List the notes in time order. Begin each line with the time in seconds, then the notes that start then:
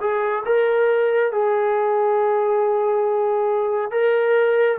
0.00 G#4
0.45 A#4
1.32 G#4
3.91 A#4